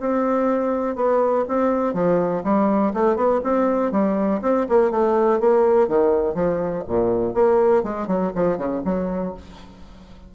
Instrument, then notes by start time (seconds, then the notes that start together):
bassoon
0.00 C4
0.95 B3
1.48 C4
1.93 F3
2.43 G3
2.93 A3
3.16 B3
3.43 C4
3.91 G3
4.42 C4
4.69 A#3
4.90 A3
5.40 A#3
5.88 D#3
6.34 F3
6.87 A#2
7.34 A#3
7.83 G#3
8.07 F#3
8.35 F3
8.57 C#3
8.85 F#3